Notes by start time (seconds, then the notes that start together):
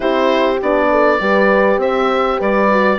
0.00 C4 E4 G4 C5
0.62 B3 D4 D5
0.90 A4
1.19 G3 G4 B4
1.77 C4 C5 E5
2.38 G3 B4 D5
2.70 F#4